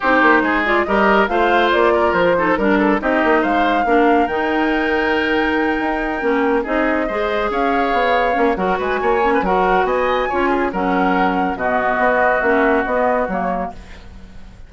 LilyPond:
<<
  \new Staff \with { instrumentName = "flute" } { \time 4/4 \tempo 4 = 140 c''4. d''8 dis''4 f''4 | d''4 c''4 ais'4 dis''4 | f''2 g''2~ | g''2.~ g''8 dis''8~ |
dis''4. f''2~ f''8 | fis''8 gis''4. fis''4 gis''4~ | gis''4 fis''2 dis''4~ | dis''4 e''4 dis''4 cis''4 | }
  \new Staff \with { instrumentName = "oboe" } { \time 4/4 g'4 gis'4 ais'4 c''4~ | c''8 ais'4 a'8 ais'8 a'8 g'4 | c''4 ais'2.~ | ais'2.~ ais'8 gis'8~ |
gis'8 c''4 cis''2~ cis''8 | ais'8 b'8 cis''8. b'16 ais'4 dis''4 | cis''8 gis'8 ais'2 fis'4~ | fis'1 | }
  \new Staff \with { instrumentName = "clarinet" } { \time 4/4 dis'4. f'8 g'4 f'4~ | f'4. dis'8 d'4 dis'4~ | dis'4 d'4 dis'2~ | dis'2~ dis'8 cis'4 dis'8~ |
dis'8 gis'2. cis'8 | fis'4. cis'8 fis'2 | f'4 cis'2 b4~ | b4 cis'4 b4 ais4 | }
  \new Staff \with { instrumentName = "bassoon" } { \time 4/4 c'8 ais8 gis4 g4 a4 | ais4 f4 g4 c'8 ais8 | gis4 ais4 dis2~ | dis4. dis'4 ais4 c'8~ |
c'8 gis4 cis'4 b4 ais8 | fis8 gis8 ais4 fis4 b4 | cis'4 fis2 b,4 | b4 ais4 b4 fis4 | }
>>